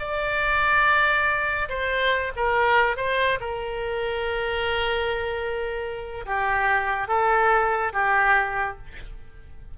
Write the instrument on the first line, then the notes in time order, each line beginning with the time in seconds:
oboe
0.00 D5
1.69 C5
2.37 A#4
2.97 C5
3.40 A#4
6.26 G4
7.08 A4
7.93 G4